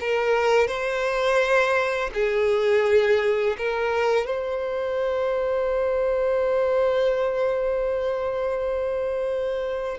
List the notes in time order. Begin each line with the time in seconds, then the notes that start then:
0.00 A#4
0.67 C5
2.14 G#4
3.58 A#4
4.26 C5